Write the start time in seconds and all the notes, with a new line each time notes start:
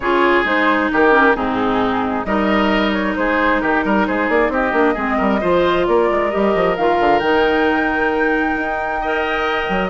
0.00 C#3 F4 G#4 C#5
0.44 G#3 D#4 C5
0.91 D#3 G4 A#4
1.11 C#4
1.35 G#2 C4 D#4 G#4
2.24 G3 D#4 A#4 D#5
2.92 C#5
3.15 G#3 G#4 C5
3.60 D#3 G4 A#4
3.84 G3 A#4
4.07 G#3 G#4 C5
4.28 A#3 D5
4.49 C4 G4 D#5
4.72 A#3 D4
4.94 G#3 C4 G#4
5.17 G3 A#4
5.41 F3 F4 C5
5.87 A#3 A#4 D5
6.10 G#3
6.30 G3 G4 D#5
6.54 F3
6.76 D#3 F4 F5
7.00 D3
7.19 D#3 D#4 G5
8.55 D#4
9.01 A#4 D#5
9.69 F#3